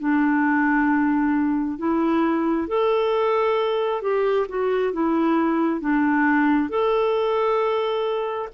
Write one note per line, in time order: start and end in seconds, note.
0.00 1.79 D4
1.79 2.68 E4
2.68 4.03 A4
4.03 4.47 G4
4.49 4.93 F#4
4.93 5.81 E4
5.81 6.70 D4
6.70 8.49 A4